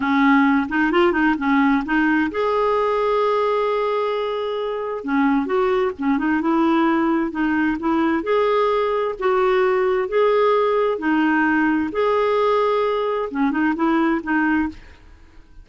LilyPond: \new Staff \with { instrumentName = "clarinet" } { \time 4/4 \tempo 4 = 131 cis'4. dis'8 f'8 dis'8 cis'4 | dis'4 gis'2.~ | gis'2. cis'4 | fis'4 cis'8 dis'8 e'2 |
dis'4 e'4 gis'2 | fis'2 gis'2 | dis'2 gis'2~ | gis'4 cis'8 dis'8 e'4 dis'4 | }